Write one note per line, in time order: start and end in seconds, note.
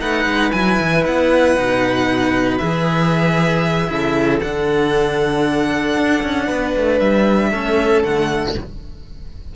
0.00 0.26 A3
0.00 0.52 D#4
0.00 3.89 B4
0.00 0.52 F#5
0.26 0.52 G#3
0.52 0.80 F#3
0.52 1.56 E4
0.52 1.03 G#5
0.80 1.06 E3
1.06 1.58 B3
1.06 2.58 F#5
1.56 2.61 B2
1.56 2.60 D#4
2.58 3.90 E3
2.58 3.87 G#4
2.58 4.39 E5
3.87 4.42 C#3
3.87 4.39 E4
3.87 6.46 A4
4.41 5.97 D3
4.41 7.53 D4
4.41 7.00 F#5
5.97 6.23 D4
6.23 6.49 C#4
6.46 6.76 B3
6.46 7.50 B4
6.77 7.00 A3
7.00 7.51 G3
7.00 8.03 E5
7.50 8.03 A3
7.50 8.04 C#4
7.50 8.54 A4
8.03 8.55 D3
8.03 8.55 A3
8.03 8.55 F#5